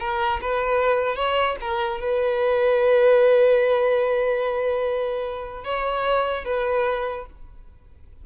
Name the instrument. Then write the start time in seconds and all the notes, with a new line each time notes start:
violin
0.00 A#4
0.41 B4
1.16 C#5
1.61 A#4
2.01 B4
5.65 C#5
6.45 B4